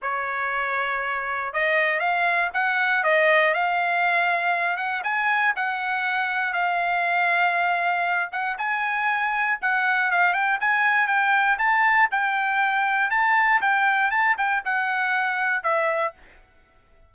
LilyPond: \new Staff \with { instrumentName = "trumpet" } { \time 4/4 \tempo 4 = 119 cis''2. dis''4 | f''4 fis''4 dis''4 f''4~ | f''4. fis''8 gis''4 fis''4~ | fis''4 f''2.~ |
f''8 fis''8 gis''2 fis''4 | f''8 g''8 gis''4 g''4 a''4 | g''2 a''4 g''4 | a''8 g''8 fis''2 e''4 | }